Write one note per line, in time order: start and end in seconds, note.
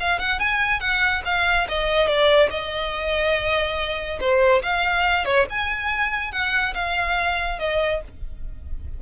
0.00 0.19 F5
0.19 0.40 F#5
0.40 0.80 G#5
0.80 1.23 F#5
1.25 1.68 F5
1.69 2.07 D#5
2.07 2.50 D5
2.51 4.20 D#5
4.20 4.62 C5
4.63 5.25 F5
5.25 5.46 C#5
5.50 6.32 G#5
6.32 6.74 F#5
6.75 7.59 F5
7.59 8.02 D#5